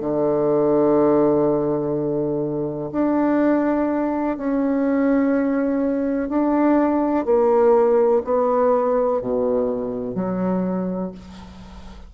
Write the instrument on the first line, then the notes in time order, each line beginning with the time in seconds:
bassoon
0.00 D3
2.92 D4
4.37 C#4
6.29 D4
7.25 A#3
8.24 B3
9.21 B2
10.15 F#3